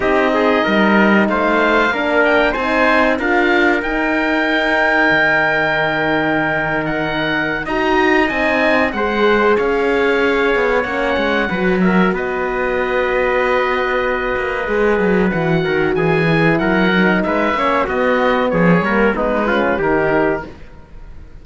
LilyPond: <<
  \new Staff \with { instrumentName = "oboe" } { \time 4/4 \tempo 4 = 94 dis''2 f''4. g''8 | gis''4 f''4 g''2~ | g''2~ g''8. fis''4~ fis''16 | ais''4 gis''4 fis''4 f''4~ |
f''4 fis''4. e''8 dis''4~ | dis''1 | fis''4 gis''4 fis''4 e''4 | dis''4 cis''4 b'4 ais'4 | }
  \new Staff \with { instrumentName = "trumpet" } { \time 4/4 g'8 gis'8 ais'4 c''4 ais'4 | c''4 ais'2.~ | ais'1 | dis''2 c''4 cis''4~ |
cis''2 b'8 ais'8 b'4~ | b'1~ | b'8 ais'8 gis'4 ais'4 b'8 cis''8 | fis'4 gis'8 ais'8 dis'8 f'8 g'4 | }
  \new Staff \with { instrumentName = "horn" } { \time 4/4 dis'2. d'4 | dis'4 f'4 dis'2~ | dis'1 | fis'4 dis'4 gis'2~ |
gis'4 cis'4 fis'2~ | fis'2. gis'4 | fis'4. e'4 dis'4 cis'8 | b4. ais8 b8 cis'8 dis'4 | }
  \new Staff \with { instrumentName = "cello" } { \time 4/4 c'4 g4 a4 ais4 | c'4 d'4 dis'2 | dis1 | dis'4 c'4 gis4 cis'4~ |
cis'8 b8 ais8 gis8 fis4 b4~ | b2~ b8 ais8 gis8 fis8 | e8 dis8 e4 fis4 gis8 ais8 | b4 f8 g8 gis4 dis4 | }
>>